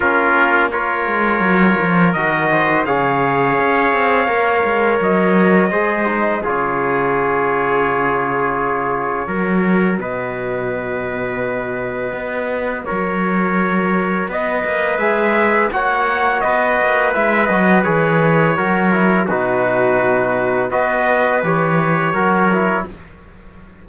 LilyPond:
<<
  \new Staff \with { instrumentName = "trumpet" } { \time 4/4 \tempo 4 = 84 ais'4 cis''2 dis''4 | f''2. dis''4~ | dis''4 cis''2.~ | cis''2 dis''2~ |
dis''2 cis''2 | dis''4 e''4 fis''4 dis''4 | e''8 dis''8 cis''2 b'4~ | b'4 dis''4 cis''2 | }
  \new Staff \with { instrumentName = "trumpet" } { \time 4/4 f'4 ais'2~ ais'8 c''8 | cis''1 | c''4 gis'2.~ | gis'4 ais'4 b'2~ |
b'2 ais'2 | b'2 cis''4 b'4~ | b'2 ais'4 fis'4~ | fis'4 b'2 ais'4 | }
  \new Staff \with { instrumentName = "trombone" } { \time 4/4 cis'4 f'2 fis'4 | gis'2 ais'2 | gis'8 dis'8 f'2.~ | f'4 fis'2.~ |
fis'1~ | fis'4 gis'4 fis'2 | e'8 fis'8 gis'4 fis'8 e'8 dis'4~ | dis'4 fis'4 g'4 fis'8 e'8 | }
  \new Staff \with { instrumentName = "cello" } { \time 4/4 ais4. gis8 fis8 f8 dis4 | cis4 cis'8 c'8 ais8 gis8 fis4 | gis4 cis2.~ | cis4 fis4 b,2~ |
b,4 b4 fis2 | b8 ais8 gis4 ais4 b8 ais8 | gis8 fis8 e4 fis4 b,4~ | b,4 b4 e4 fis4 | }
>>